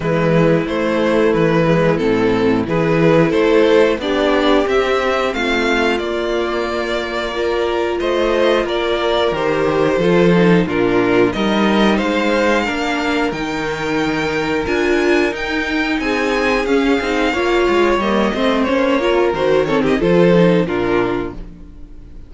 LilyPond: <<
  \new Staff \with { instrumentName = "violin" } { \time 4/4 \tempo 4 = 90 b'4 c''4 b'4 a'4 | b'4 c''4 d''4 e''4 | f''4 d''2. | dis''4 d''4 c''2 |
ais'4 dis''4 f''2 | g''2 gis''4 g''4 | gis''4 f''2 dis''4 | cis''4 c''8 cis''16 dis''16 c''4 ais'4 | }
  \new Staff \with { instrumentName = "violin" } { \time 4/4 e'1 | gis'4 a'4 g'2 | f'2. ais'4 | c''4 ais'2 a'4 |
f'4 ais'4 c''4 ais'4~ | ais'1 | gis'2 cis''4. c''8~ | c''8 ais'4 a'16 g'16 a'4 f'4 | }
  \new Staff \with { instrumentName = "viola" } { \time 4/4 gis4 a4. gis8 c'4 | e'2 d'4 c'4~ | c'4 ais2 f'4~ | f'2 g'4 f'8 dis'8 |
d'4 dis'2 d'4 | dis'2 f'4 dis'4~ | dis'4 cis'8 dis'8 f'4 ais8 c'8 | cis'8 f'8 fis'8 c'8 f'8 dis'8 d'4 | }
  \new Staff \with { instrumentName = "cello" } { \time 4/4 e4 a4 e4 a,4 | e4 a4 b4 c'4 | a4 ais2. | a4 ais4 dis4 f4 |
ais,4 g4 gis4 ais4 | dis2 d'4 dis'4 | c'4 cis'8 c'8 ais8 gis8 g8 a8 | ais4 dis4 f4 ais,4 | }
>>